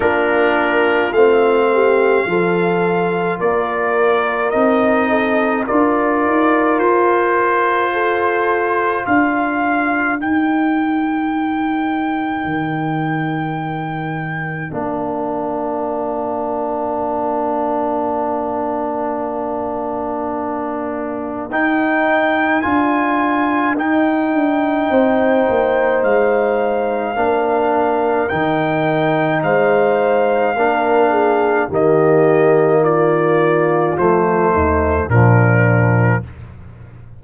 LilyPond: <<
  \new Staff \with { instrumentName = "trumpet" } { \time 4/4 \tempo 4 = 53 ais'4 f''2 d''4 | dis''4 d''4 c''2 | f''4 g''2.~ | g''4 f''2.~ |
f''2. g''4 | gis''4 g''2 f''4~ | f''4 g''4 f''2 | dis''4 d''4 c''4 ais'4 | }
  \new Staff \with { instrumentName = "horn" } { \time 4/4 f'4. g'8 a'4 ais'4~ | ais'8 a'8 ais'2 a'4 | ais'1~ | ais'1~ |
ais'1~ | ais'2 c''2 | ais'2 c''4 ais'8 gis'8 | g'4 f'4. dis'8 d'4 | }
  \new Staff \with { instrumentName = "trombone" } { \time 4/4 d'4 c'4 f'2 | dis'4 f'2.~ | f'4 dis'2.~ | dis'4 d'2.~ |
d'2. dis'4 | f'4 dis'2. | d'4 dis'2 d'4 | ais2 a4 f4 | }
  \new Staff \with { instrumentName = "tuba" } { \time 4/4 ais4 a4 f4 ais4 | c'4 d'8 dis'8 f'2 | d'4 dis'2 dis4~ | dis4 ais2.~ |
ais2. dis'4 | d'4 dis'8 d'8 c'8 ais8 gis4 | ais4 dis4 gis4 ais4 | dis2 f8 dis,8 ais,4 | }
>>